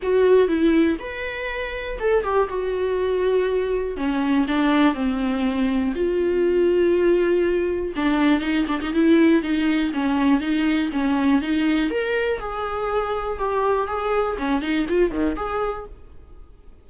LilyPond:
\new Staff \with { instrumentName = "viola" } { \time 4/4 \tempo 4 = 121 fis'4 e'4 b'2 | a'8 g'8 fis'2. | cis'4 d'4 c'2 | f'1 |
d'4 dis'8 d'16 dis'16 e'4 dis'4 | cis'4 dis'4 cis'4 dis'4 | ais'4 gis'2 g'4 | gis'4 cis'8 dis'8 f'8 dis8 gis'4 | }